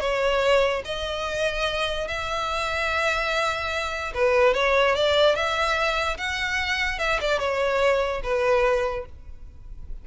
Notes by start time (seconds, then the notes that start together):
0.00 C#5
0.85 D#5
2.08 E5
4.14 B4
4.54 C#5
4.95 D5
5.35 E5
6.17 F#5
6.99 E5
7.21 D5
7.39 C#5
8.23 B4